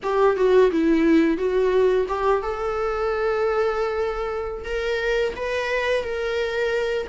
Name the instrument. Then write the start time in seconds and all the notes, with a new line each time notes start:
viola
0.03 G4
0.36 F#4
0.71 E4
1.37 F#4
2.08 G4
2.42 A4
4.64 A#4
5.36 B4
6.03 A#4